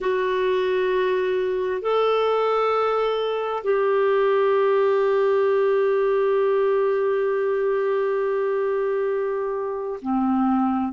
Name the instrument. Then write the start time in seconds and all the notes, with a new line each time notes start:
clarinet
0.00 F#4
1.81 A4
3.63 G4
10.01 C4